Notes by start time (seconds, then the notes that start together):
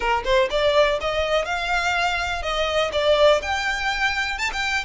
0.00 A#4
0.24 C5
0.50 D5
1.00 D#5
1.45 F5
2.42 D#5
2.92 D5
3.41 G5
4.38 A5
4.52 G5